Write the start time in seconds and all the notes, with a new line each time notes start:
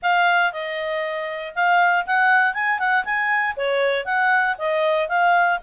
0.02 F5
0.52 D#5
1.55 F5
2.06 F#5
2.54 G#5
2.79 F#5
3.04 G#5
3.56 C#5
4.05 F#5
4.58 D#5
5.08 F5